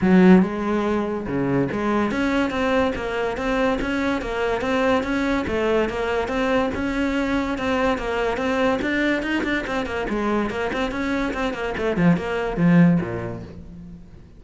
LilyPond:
\new Staff \with { instrumentName = "cello" } { \time 4/4 \tempo 4 = 143 fis4 gis2 cis4 | gis4 cis'4 c'4 ais4 | c'4 cis'4 ais4 c'4 | cis'4 a4 ais4 c'4 |
cis'2 c'4 ais4 | c'4 d'4 dis'8 d'8 c'8 ais8 | gis4 ais8 c'8 cis'4 c'8 ais8 | a8 f8 ais4 f4 ais,4 | }